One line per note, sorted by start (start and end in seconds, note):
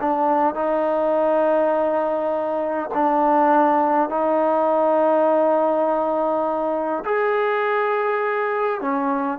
0.00 0.55 D4
0.55 2.90 D#4
2.94 4.09 D4
4.09 7.03 D#4
7.05 8.80 G#4
8.80 9.38 C#4